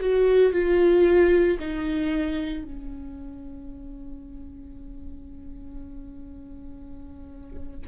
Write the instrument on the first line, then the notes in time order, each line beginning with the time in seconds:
viola
0.00 F#4
0.53 F4
1.59 D#4
2.64 C#4